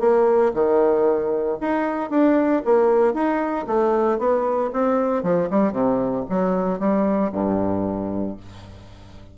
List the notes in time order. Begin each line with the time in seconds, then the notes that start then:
0.00 A#3
0.54 D#3
1.61 D#4
2.11 D4
2.65 A#3
3.14 D#4
3.67 A3
4.19 B3
4.73 C4
5.23 F3
5.50 G3
5.72 C3
6.30 F#3
6.79 G3
7.32 G2